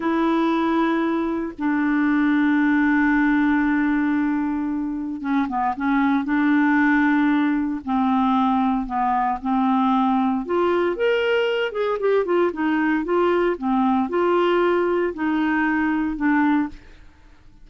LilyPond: \new Staff \with { instrumentName = "clarinet" } { \time 4/4 \tempo 4 = 115 e'2. d'4~ | d'1~ | d'2 cis'8 b8 cis'4 | d'2. c'4~ |
c'4 b4 c'2 | f'4 ais'4. gis'8 g'8 f'8 | dis'4 f'4 c'4 f'4~ | f'4 dis'2 d'4 | }